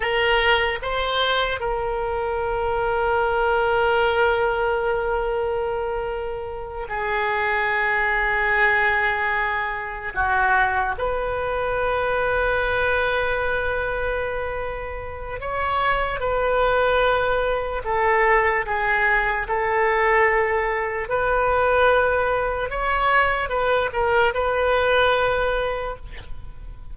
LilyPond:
\new Staff \with { instrumentName = "oboe" } { \time 4/4 \tempo 4 = 74 ais'4 c''4 ais'2~ | ais'1~ | ais'8 gis'2.~ gis'8~ | gis'8 fis'4 b'2~ b'8~ |
b'2. cis''4 | b'2 a'4 gis'4 | a'2 b'2 | cis''4 b'8 ais'8 b'2 | }